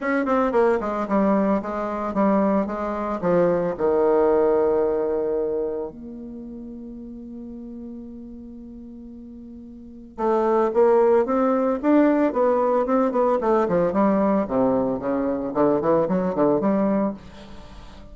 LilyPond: \new Staff \with { instrumentName = "bassoon" } { \time 4/4 \tempo 4 = 112 cis'8 c'8 ais8 gis8 g4 gis4 | g4 gis4 f4 dis4~ | dis2. ais4~ | ais1~ |
ais2. a4 | ais4 c'4 d'4 b4 | c'8 b8 a8 f8 g4 c4 | cis4 d8 e8 fis8 d8 g4 | }